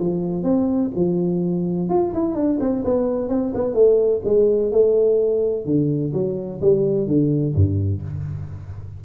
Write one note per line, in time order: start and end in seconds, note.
0.00 0.44 F3
0.44 0.91 C4
0.96 1.90 F3
1.90 2.13 F4
2.14 2.35 E4
2.35 2.59 D4
2.60 2.84 C4
2.85 3.29 B3
3.29 3.53 C4
3.55 3.75 B3
3.75 4.22 A3
4.25 4.72 G#3
4.72 5.66 A3
5.66 6.13 D3
6.14 6.61 F#3
6.62 7.08 G3
7.08 7.55 D3
7.55 8.03 G2